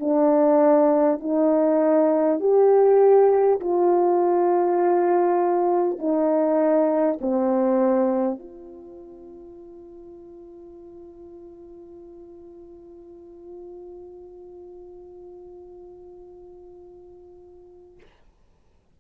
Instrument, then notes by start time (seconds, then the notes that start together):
horn
0.00 D4
1.19 D#4
2.39 G4
3.60 F4
5.99 D#4
7.21 C4
8.39 F4